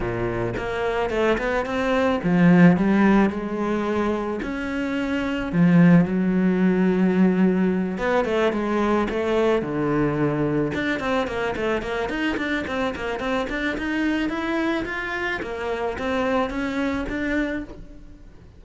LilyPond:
\new Staff \with { instrumentName = "cello" } { \time 4/4 \tempo 4 = 109 ais,4 ais4 a8 b8 c'4 | f4 g4 gis2 | cis'2 f4 fis4~ | fis2~ fis8 b8 a8 gis8~ |
gis8 a4 d2 d'8 | c'8 ais8 a8 ais8 dis'8 d'8 c'8 ais8 | c'8 d'8 dis'4 e'4 f'4 | ais4 c'4 cis'4 d'4 | }